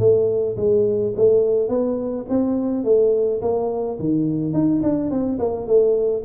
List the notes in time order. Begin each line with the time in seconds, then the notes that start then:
0.00 A3
0.57 G#3
1.16 A3
1.69 B3
2.30 C4
2.85 A3
3.42 A#3
4.00 D#3
4.54 D#4
4.83 D4
5.11 C4
5.40 A#3
5.67 A3